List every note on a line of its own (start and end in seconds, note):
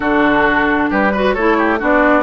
0.00 0.89 D3
0.00 1.13 D4
0.00 0.90 F#4
0.00 0.89 A4
0.90 1.36 G3
0.90 1.12 G4
0.90 1.33 B4
1.12 1.37 F#4
1.12 1.34 B4
1.33 1.81 A3
1.33 1.78 E4
1.33 1.56 A4
1.33 1.78 C#5
1.57 1.79 G4
1.78 2.23 B3
1.78 2.23 D4
1.78 2.23 F#4
1.78 2.23 D5